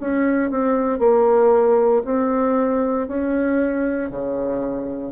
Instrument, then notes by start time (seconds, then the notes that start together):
bassoon
0.00 C#4
0.50 C4
0.99 A#3
2.05 C4
3.08 C#4
4.10 C#3